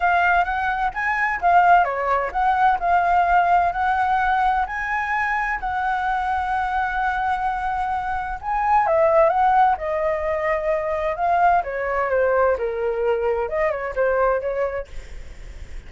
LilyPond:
\new Staff \with { instrumentName = "flute" } { \time 4/4 \tempo 4 = 129 f''4 fis''4 gis''4 f''4 | cis''4 fis''4 f''2 | fis''2 gis''2 | fis''1~ |
fis''2 gis''4 e''4 | fis''4 dis''2. | f''4 cis''4 c''4 ais'4~ | ais'4 dis''8 cis''8 c''4 cis''4 | }